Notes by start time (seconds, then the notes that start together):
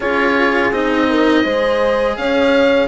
0.00 C#4 F4 G#4 C#5
0.71 C4 D#4 D#5
1.09 A#4
1.43 G#3 G#4 C5
2.16 C#4 C#5 F5